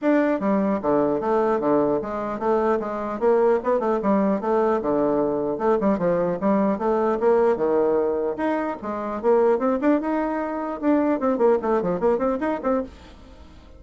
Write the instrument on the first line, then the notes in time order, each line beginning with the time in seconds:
bassoon
0.01 D4
0.39 G3
0.82 D3
1.20 A3
1.59 D3
2.01 G#3
2.39 A3
2.79 G#3
3.19 A#3
3.63 B3
3.79 A3
4.02 G3
4.41 A3
4.81 D3
5.58 A3
5.80 G3
5.98 F3
6.40 G3
6.78 A3
7.20 A#3
7.56 D#3
8.37 D#4
8.81 G#3
9.21 A#3
9.58 C4
9.81 D4
10.00 D#4
10.81 D4
11.19 C4
11.38 A#3
11.62 A3
11.82 F3
12.00 A#3
12.18 C4
12.40 D#4
12.63 C4